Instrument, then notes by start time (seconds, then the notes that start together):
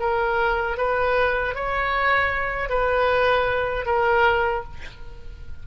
oboe
0.00 A#4
0.77 B4
1.55 C#5
2.70 B4
3.86 A#4